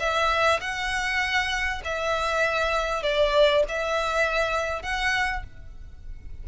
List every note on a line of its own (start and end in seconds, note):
0.00 0.61 E5
0.61 1.82 F#5
1.85 3.03 E5
3.03 3.64 D5
3.69 4.83 E5
4.83 5.44 F#5